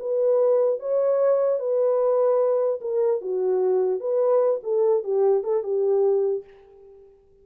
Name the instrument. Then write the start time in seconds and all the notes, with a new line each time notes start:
horn
0.00 B4
0.80 C#5
1.60 B4
2.81 A#4
3.22 F#4
4.00 B4
4.63 A4
5.04 G4
5.44 A4
5.64 G4